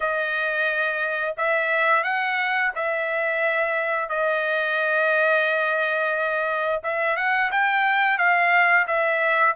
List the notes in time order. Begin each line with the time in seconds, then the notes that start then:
0.00 D#5
1.37 E5
2.03 F#5
2.75 E5
4.09 D#5
6.83 E5
7.16 F#5
7.51 G5
8.18 F5
8.87 E5